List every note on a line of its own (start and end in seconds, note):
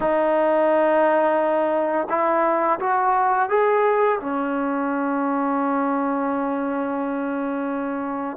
0.00 2.07 D#4
2.09 2.79 E4
2.79 3.49 F#4
3.49 4.19 G#4
4.20 8.37 C#4